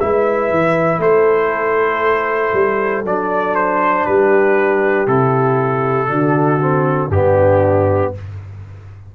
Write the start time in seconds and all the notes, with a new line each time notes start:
0.00 G#3 E4 B4 E5
0.51 E3
0.99 A3 A4 C5
2.54 G3
3.05 F#3 D4 D5
3.56 C5
4.06 G3 G4 B4
5.07 C3 E4 A4
6.08 D3 D4 F#4
6.60 C4
7.10 G2 B3 D4 G4